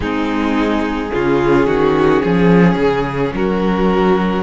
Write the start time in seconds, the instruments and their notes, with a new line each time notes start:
0.00 cello G#3, viola C4, violin D#4 G#4
1.12 cello C#3, viola C#4, violin F4
1.66 cello D#3, violin F#4
2.22 cello F3, violin G#4
2.75 cello C#3
3.34 cello F#3, violin F#4 A#4